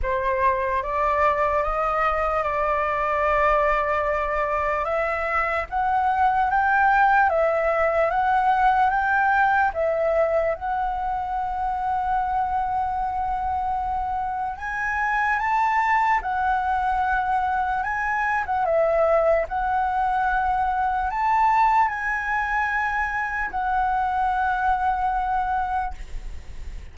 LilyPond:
\new Staff \with { instrumentName = "flute" } { \time 4/4 \tempo 4 = 74 c''4 d''4 dis''4 d''4~ | d''2 e''4 fis''4 | g''4 e''4 fis''4 g''4 | e''4 fis''2.~ |
fis''2 gis''4 a''4 | fis''2 gis''8. fis''16 e''4 | fis''2 a''4 gis''4~ | gis''4 fis''2. | }